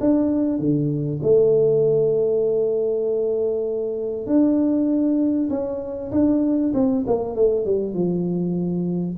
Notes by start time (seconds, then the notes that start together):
0.00 D4
0.59 D3
1.22 A3
4.26 D4
5.50 C#4
6.11 D4
6.74 C4
7.07 A#3
7.36 A3
7.65 G3
7.94 F3